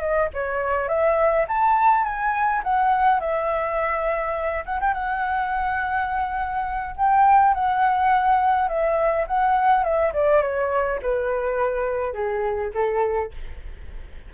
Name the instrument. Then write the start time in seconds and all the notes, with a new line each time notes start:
flute
0.00 D#5
0.34 C#5
0.88 E5
1.48 A5
2.04 G#5
2.63 F#5
3.20 E5
4.65 F#5
4.80 G5
4.94 F#5
6.96 G5
7.54 F#5
8.68 E5
9.27 F#5
9.83 E5
10.13 D5
10.42 C#5
11.02 B4
12.13 G#4
12.74 A4